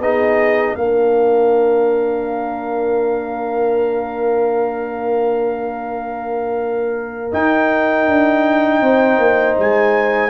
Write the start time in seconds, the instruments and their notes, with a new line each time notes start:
0.00 tuba B3, trombone D#4, horn G#4, trumpet D#5
0.75 tuba A#3, trombone D4, horn A#4, trumpet F5
7.33 trombone D#4, tuba D#4, trumpet G5
8.08 tuba D4
8.81 tuba C4, horn C5
9.18 tuba A#3
9.59 tuba G#3, trumpet G#5